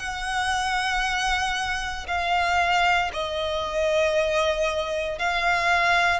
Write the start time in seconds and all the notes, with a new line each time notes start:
0.00 F#5
2.08 F5
3.13 D#5
5.19 F5